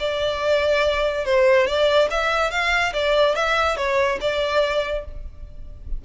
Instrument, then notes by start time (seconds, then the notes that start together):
violin
0.00 D5
1.26 C5
1.67 D5
2.11 E5
2.51 F5
2.94 D5
3.36 E5
3.77 C#5
4.21 D5